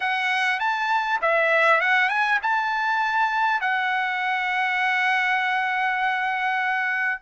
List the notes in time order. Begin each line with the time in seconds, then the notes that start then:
0.00 F#5
0.59 A5
1.21 E5
1.80 F#5
2.09 G#5
2.42 A5
3.60 F#5